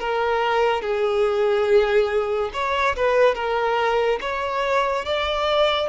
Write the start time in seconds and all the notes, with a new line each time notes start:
0.00 A#4
0.82 G#4
2.54 C#5
2.96 B4
3.35 A#4
4.21 C#5
5.06 D5